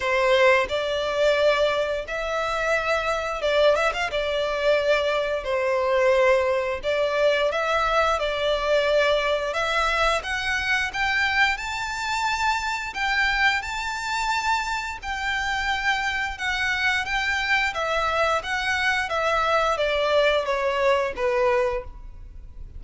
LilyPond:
\new Staff \with { instrumentName = "violin" } { \time 4/4 \tempo 4 = 88 c''4 d''2 e''4~ | e''4 d''8 e''16 f''16 d''2 | c''2 d''4 e''4 | d''2 e''4 fis''4 |
g''4 a''2 g''4 | a''2 g''2 | fis''4 g''4 e''4 fis''4 | e''4 d''4 cis''4 b'4 | }